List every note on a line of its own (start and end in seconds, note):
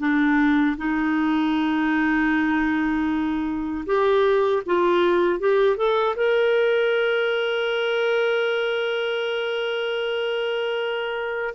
0.00 0.77 D4
0.78 3.85 D#4
3.86 4.63 G4
4.66 5.40 F4
5.40 5.78 G4
5.78 6.16 A4
6.16 11.55 A#4